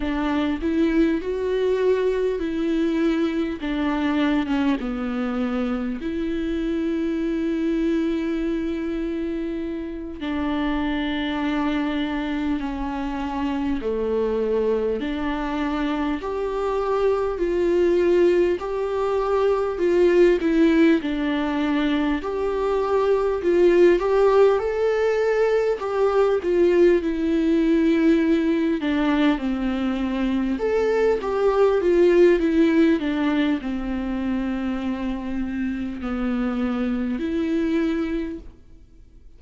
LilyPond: \new Staff \with { instrumentName = "viola" } { \time 4/4 \tempo 4 = 50 d'8 e'8 fis'4 e'4 d'8. cis'16 | b4 e'2.~ | e'8 d'2 cis'4 a8~ | a8 d'4 g'4 f'4 g'8~ |
g'8 f'8 e'8 d'4 g'4 f'8 | g'8 a'4 g'8 f'8 e'4. | d'8 c'4 a'8 g'8 f'8 e'8 d'8 | c'2 b4 e'4 | }